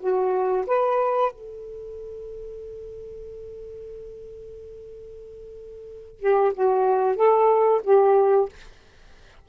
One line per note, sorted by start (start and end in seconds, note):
0.00 0.65 F#4
0.67 1.33 B4
1.33 6.20 A4
6.20 6.53 G4
6.54 7.16 F#4
7.16 7.81 A4
7.84 8.49 G4